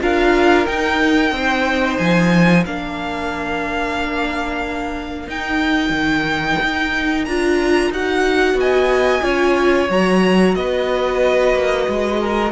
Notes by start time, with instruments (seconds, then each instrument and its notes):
0.00 cello D4, viola F4, violin A#4 F5
0.66 viola D#4, cello D#4, violin G5
1.31 cello C4, violin C5
1.97 cello F3, violin G#5
2.65 cello A#3, viola D4, violin A#4 F5
5.27 cello D#4, viola D#4, violin G5
5.90 cello D#3
6.62 cello D#4
7.24 cello D4, viola F4, violin A#5
7.90 cello D#4, viola F#4, violin F#5
8.54 cello B3
8.60 violin D#5 G#5
9.21 cello C#4, viola F4, violin C#5
9.89 cello F#3, viola F#4, violin A#5
10.55 cello B3, violin B4 D#5
11.53 cello A#3
11.88 cello G#3
12.20 violin A#4